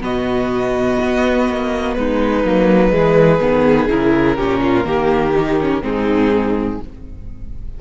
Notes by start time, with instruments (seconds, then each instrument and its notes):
0.00 cello B2, viola B3, violin F#4 D#5
1.03 cello B3
1.49 cello A#3
1.94 cello G#3, violin D#4 B4
2.45 cello F#3, viola A#3
2.91 cello E3, viola G#3, violin G#4
3.41 cello D#3, viola B3
3.89 cello C#3, viola E4, violin A#4
4.36 cello A#2, viola C#4, violin G4
4.63 violin F4
4.85 cello D#3, viola A#3, violin G4
5.35 viola D#4
5.60 viola C#4
5.82 cello G#2, viola C4, violin D#4 G#4